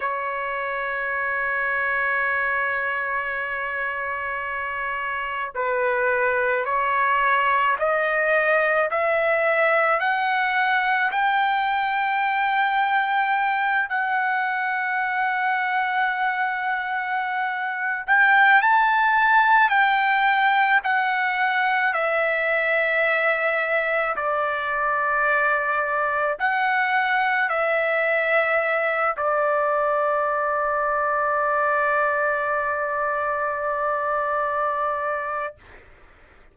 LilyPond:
\new Staff \with { instrumentName = "trumpet" } { \time 4/4 \tempo 4 = 54 cis''1~ | cis''4 b'4 cis''4 dis''4 | e''4 fis''4 g''2~ | g''8 fis''2.~ fis''8~ |
fis''16 g''8 a''4 g''4 fis''4 e''16~ | e''4.~ e''16 d''2 fis''16~ | fis''8. e''4. d''4.~ d''16~ | d''1 | }